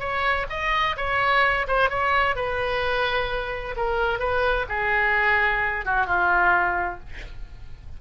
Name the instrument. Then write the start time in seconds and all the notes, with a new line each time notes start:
oboe
0.00 C#5
0.50 D#5
0.97 C#5
1.68 C5
1.90 C#5
2.36 B4
3.77 A#4
4.20 B4
4.69 G#4
5.86 F#4
6.07 F4